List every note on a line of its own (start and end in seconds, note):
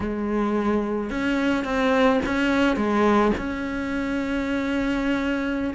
0.00 1.10 G#3
1.10 1.64 C#4
1.64 2.19 C4
2.25 2.76 C#4
2.76 3.31 G#3
3.37 5.73 C#4